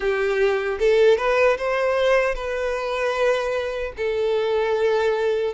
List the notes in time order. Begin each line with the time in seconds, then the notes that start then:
0.00 G4
0.79 A4
1.17 B4
1.57 C5
2.35 B4
3.96 A4